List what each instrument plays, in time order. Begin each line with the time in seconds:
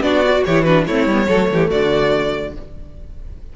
0.00 cello B3, viola D4, violin F#4 D5
0.26 viola F#4
0.45 cello E3, viola E4, violin G4 C#5
0.64 viola D4, violin F#4 B4
0.87 cello A3, viola C4, violin E4 C#5
1.06 cello G3, viola B3
1.27 cello F#3, viola A3, violin A4
1.50 cello E3, violin G4
1.70 cello D3, violin F#4 D5